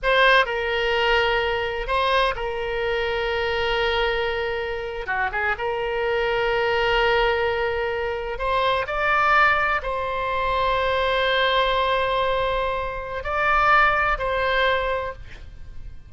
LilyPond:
\new Staff \with { instrumentName = "oboe" } { \time 4/4 \tempo 4 = 127 c''4 ais'2. | c''4 ais'2.~ | ais'2~ ais'8. fis'8 gis'8 ais'16~ | ais'1~ |
ais'4.~ ais'16 c''4 d''4~ d''16~ | d''8. c''2.~ c''16~ | c''1 | d''2 c''2 | }